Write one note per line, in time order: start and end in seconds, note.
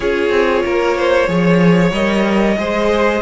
0.00 0.30 C#4
0.00 1.27 F4
0.00 0.63 G#4
0.00 1.91 C#5
0.30 0.62 C4
0.65 1.28 A#3
0.65 0.97 A#4
0.97 1.28 C5
1.27 1.91 F3
1.27 1.91 G#4
1.27 2.58 C#5
1.91 2.56 G3
1.91 2.57 A#4
1.91 3.22 D#5
2.57 3.21 G#3
2.57 3.22 G#4
2.57 3.22 C5